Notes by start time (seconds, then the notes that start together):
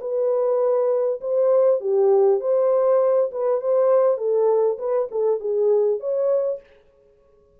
0.00 B4
1.21 C5
1.80 G4
2.40 C5
3.31 B4
3.61 C5
4.17 A4
4.78 B4
5.11 A4
5.40 G#4
6.00 C#5